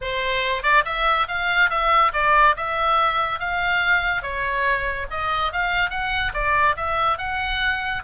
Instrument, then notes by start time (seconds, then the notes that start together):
oboe
0.01 C5
0.62 D5
0.85 E5
1.28 F5
1.70 E5
2.13 D5
2.56 E5
3.39 F5
4.22 C#5
5.10 D#5
5.52 F5
5.90 F#5
6.33 D5
6.76 E5
7.18 F#5